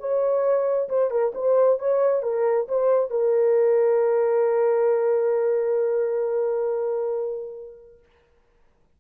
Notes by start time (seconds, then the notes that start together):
0.00 C#5
0.89 C5
1.11 A#4
1.35 C5
1.79 C#5
2.23 A#4
2.68 C5
3.10 A#4